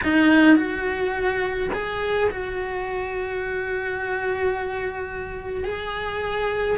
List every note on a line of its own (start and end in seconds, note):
0.03 0.56 D#4
0.56 1.69 F#4
1.73 2.30 G#4
2.30 5.64 F#4
5.64 6.77 G#4